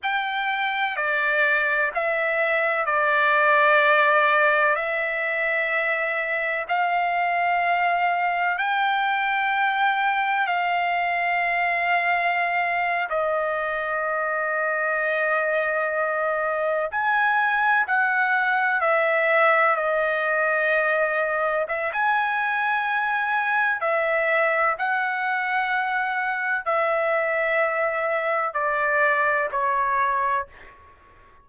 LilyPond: \new Staff \with { instrumentName = "trumpet" } { \time 4/4 \tempo 4 = 63 g''4 d''4 e''4 d''4~ | d''4 e''2 f''4~ | f''4 g''2 f''4~ | f''4.~ f''16 dis''2~ dis''16~ |
dis''4.~ dis''16 gis''4 fis''4 e''16~ | e''8. dis''2 e''16 gis''4~ | gis''4 e''4 fis''2 | e''2 d''4 cis''4 | }